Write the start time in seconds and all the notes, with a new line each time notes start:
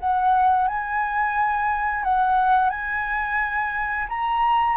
0.00 F#5
0.68 G#5
2.04 F#5
2.70 G#5
4.09 A#5